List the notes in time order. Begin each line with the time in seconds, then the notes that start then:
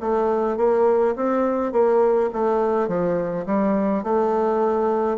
0.00 A3
0.57 A#3
1.15 C4
1.72 A#3
2.33 A3
2.87 F3
3.45 G3
4.03 A3